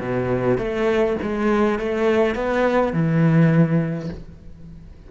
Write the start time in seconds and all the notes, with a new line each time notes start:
0.00 B2
0.57 A3
1.22 G#3
1.79 A3
2.35 B3
2.93 E3